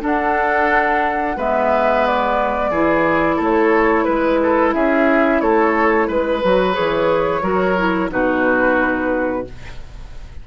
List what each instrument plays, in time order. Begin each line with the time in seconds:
0.00 clarinet D4, bassoon D4, oboe A4, flute F#5
1.37 bassoon G#3, clarinet B3, oboe B4, flute E5
2.07 flute D5
2.71 bassoon E3, clarinet E4, oboe G#4
3.36 bassoon A3, oboe A4
3.43 flute C#5
4.04 bassoon G#3, flute B4, oboe B4
4.43 oboe A4
4.74 bassoon C#4, oboe G#4, flute E5
5.41 bassoon A3, oboe A4, flute C#5
6.08 bassoon G#3, oboe B4, flute B4
6.44 bassoon F#3, clarinet F#4
6.73 bassoon E3, clarinet G#4, flute C#5
7.42 bassoon F#3, clarinet F#4, oboe A#4
7.77 clarinet E4
8.10 bassoon B2, clarinet D#4, oboe F#4, flute B4